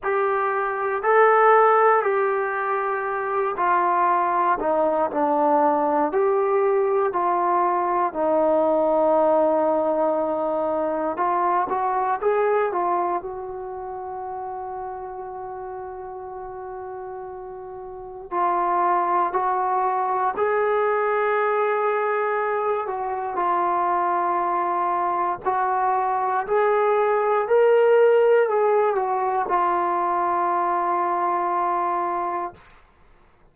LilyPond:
\new Staff \with { instrumentName = "trombone" } { \time 4/4 \tempo 4 = 59 g'4 a'4 g'4. f'8~ | f'8 dis'8 d'4 g'4 f'4 | dis'2. f'8 fis'8 | gis'8 f'8 fis'2.~ |
fis'2 f'4 fis'4 | gis'2~ gis'8 fis'8 f'4~ | f'4 fis'4 gis'4 ais'4 | gis'8 fis'8 f'2. | }